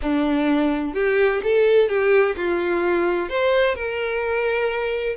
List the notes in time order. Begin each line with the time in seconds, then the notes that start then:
0.01 D4
0.94 G4
1.43 A4
1.89 G4
2.36 F4
3.29 C5
3.75 A#4